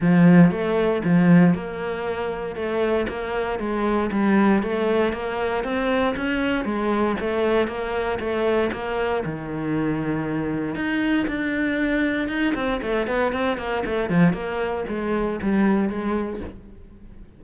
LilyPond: \new Staff \with { instrumentName = "cello" } { \time 4/4 \tempo 4 = 117 f4 a4 f4 ais4~ | ais4 a4 ais4 gis4 | g4 a4 ais4 c'4 | cis'4 gis4 a4 ais4 |
a4 ais4 dis2~ | dis4 dis'4 d'2 | dis'8 c'8 a8 b8 c'8 ais8 a8 f8 | ais4 gis4 g4 gis4 | }